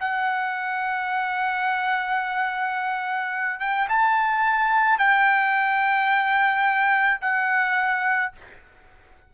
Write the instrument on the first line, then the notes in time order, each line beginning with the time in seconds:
trumpet
0.00 F#5
3.60 G5
3.88 A5
4.98 G5
7.21 F#5